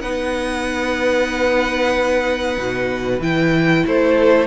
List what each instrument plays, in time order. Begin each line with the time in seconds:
0.00 cello B3, viola D#4, violin B4 F#5
2.57 cello B2
3.19 cello E3, viola E4, violin G5
3.86 cello A3, violin A4 C5